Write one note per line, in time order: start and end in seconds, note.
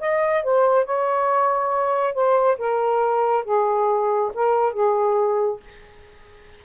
0.00 0.43 D#5
0.44 0.85 C5
0.85 2.14 C#5
2.14 2.57 C5
2.58 3.44 A#4
3.44 4.31 G#4
4.34 4.73 A#4
4.73 5.60 G#4